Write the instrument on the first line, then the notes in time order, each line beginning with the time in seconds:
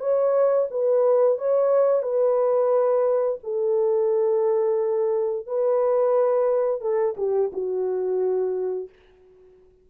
horn
0.00 C#5
0.71 B4
1.39 C#5
2.03 B4
3.44 A4
5.47 B4
6.81 A4
7.17 G4
7.53 F#4